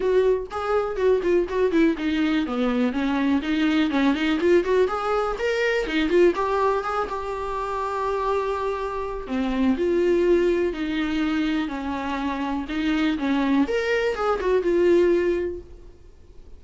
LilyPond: \new Staff \with { instrumentName = "viola" } { \time 4/4 \tempo 4 = 123 fis'4 gis'4 fis'8 f'8 fis'8 e'8 | dis'4 b4 cis'4 dis'4 | cis'8 dis'8 f'8 fis'8 gis'4 ais'4 | dis'8 f'8 g'4 gis'8 g'4.~ |
g'2. c'4 | f'2 dis'2 | cis'2 dis'4 cis'4 | ais'4 gis'8 fis'8 f'2 | }